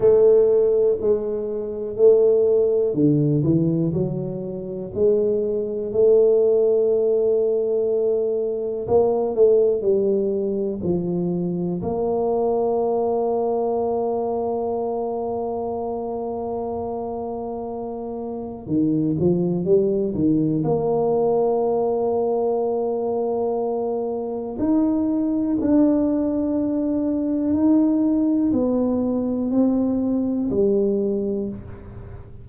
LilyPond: \new Staff \with { instrumentName = "tuba" } { \time 4/4 \tempo 4 = 61 a4 gis4 a4 d8 e8 | fis4 gis4 a2~ | a4 ais8 a8 g4 f4 | ais1~ |
ais2. dis8 f8 | g8 dis8 ais2.~ | ais4 dis'4 d'2 | dis'4 b4 c'4 g4 | }